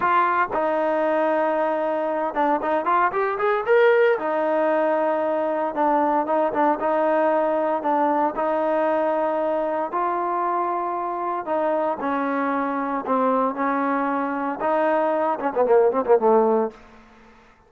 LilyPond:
\new Staff \with { instrumentName = "trombone" } { \time 4/4 \tempo 4 = 115 f'4 dis'2.~ | dis'8 d'8 dis'8 f'8 g'8 gis'8 ais'4 | dis'2. d'4 | dis'8 d'8 dis'2 d'4 |
dis'2. f'4~ | f'2 dis'4 cis'4~ | cis'4 c'4 cis'2 | dis'4. cis'16 b16 ais8 c'16 ais16 a4 | }